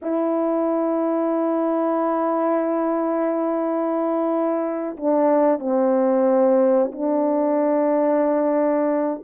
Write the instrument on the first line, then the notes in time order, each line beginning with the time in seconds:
horn
0.02 E4
4.96 D4
5.59 C4
6.91 D4